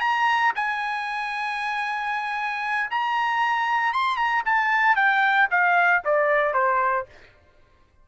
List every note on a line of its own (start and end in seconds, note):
0.00 0.52 A#5
0.55 2.90 G#5
2.91 3.93 A#5
3.93 4.16 C6
4.16 4.42 A#5
4.45 4.95 A5
4.95 5.48 G5
5.50 6.02 F5
6.04 6.54 D5
6.54 7.06 C5